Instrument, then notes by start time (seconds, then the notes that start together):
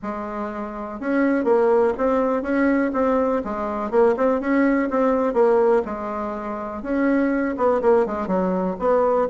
bassoon
0.02 G#3
1.00 C#4
1.44 A#3
1.97 C4
2.42 C#4
2.93 C4
3.44 G#3
3.90 A#3
4.16 C4
4.40 C#4
4.90 C4
5.33 A#3
5.85 G#3
6.82 C#4
7.57 B3
7.81 A#3
8.06 G#3
8.27 F#3
8.79 B3